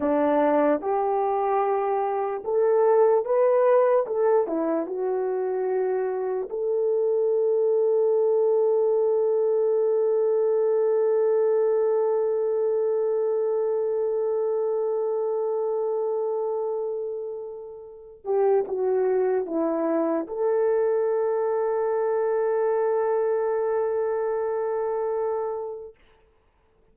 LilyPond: \new Staff \with { instrumentName = "horn" } { \time 4/4 \tempo 4 = 74 d'4 g'2 a'4 | b'4 a'8 e'8 fis'2 | a'1~ | a'1~ |
a'1~ | a'2~ a'8 g'8 fis'4 | e'4 a'2.~ | a'1 | }